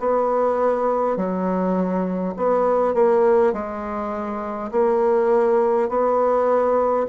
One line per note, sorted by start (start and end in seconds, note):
0.00 1.17 B3
1.17 2.35 F#3
2.37 2.95 B3
2.95 3.53 A#3
3.53 4.71 G#3
4.72 5.89 A#3
5.89 7.07 B3